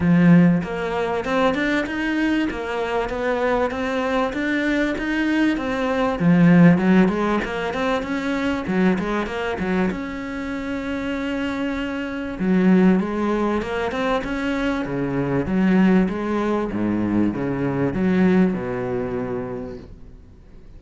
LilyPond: \new Staff \with { instrumentName = "cello" } { \time 4/4 \tempo 4 = 97 f4 ais4 c'8 d'8 dis'4 | ais4 b4 c'4 d'4 | dis'4 c'4 f4 fis8 gis8 | ais8 c'8 cis'4 fis8 gis8 ais8 fis8 |
cis'1 | fis4 gis4 ais8 c'8 cis'4 | cis4 fis4 gis4 gis,4 | cis4 fis4 b,2 | }